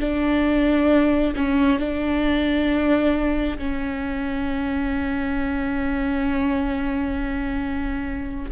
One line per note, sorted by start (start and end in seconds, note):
0.00 1.34 D4
1.36 1.79 C#4
1.79 3.58 D4
3.58 8.51 C#4